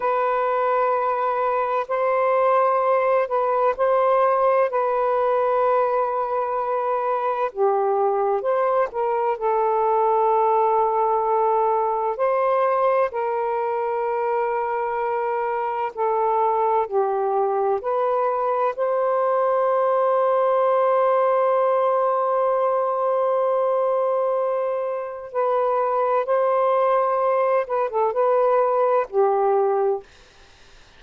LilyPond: \new Staff \with { instrumentName = "saxophone" } { \time 4/4 \tempo 4 = 64 b'2 c''4. b'8 | c''4 b'2. | g'4 c''8 ais'8 a'2~ | a'4 c''4 ais'2~ |
ais'4 a'4 g'4 b'4 | c''1~ | c''2. b'4 | c''4. b'16 a'16 b'4 g'4 | }